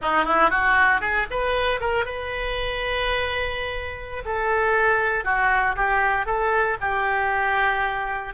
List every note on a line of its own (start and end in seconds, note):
0.01 0.24 D#4
0.24 0.49 E4
0.49 1.00 F#4
1.00 1.26 G#4
1.30 1.80 B4
1.80 2.05 A#4
2.05 4.23 B4
4.25 5.24 A4
5.24 5.75 F#4
5.76 6.25 G4
6.25 6.77 A4
6.80 8.33 G4